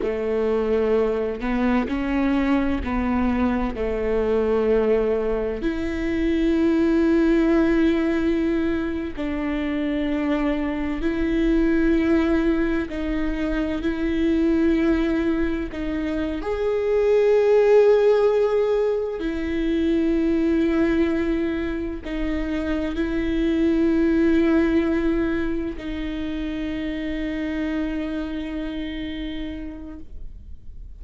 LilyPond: \new Staff \with { instrumentName = "viola" } { \time 4/4 \tempo 4 = 64 a4. b8 cis'4 b4 | a2 e'2~ | e'4.~ e'16 d'2 e'16~ | e'4.~ e'16 dis'4 e'4~ e'16~ |
e'8. dis'8. gis'2~ gis'8~ | gis'8 e'2. dis'8~ | dis'8 e'2. dis'8~ | dis'1 | }